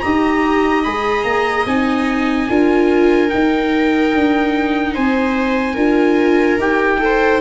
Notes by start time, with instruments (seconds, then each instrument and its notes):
0.00 tuba D#4, viola G4 D#5, trumpet A#5
0.84 tuba G#3, viola G#4, trumpet B5
1.24 tuba A#3, trumpet A#5
1.66 tuba C4, viola D#4, trumpet G#5
2.49 tuba D4, viola F4 A#4
3.28 viola D#4, tuba D#4, trumpet G5
4.15 tuba D4
4.95 tuba C4, viola C5, trumpet G#5
5.74 tuba D4, viola F4 A#4
6.59 tuba D#4, viola G4, trumpet G5
7.00 viola A4 C5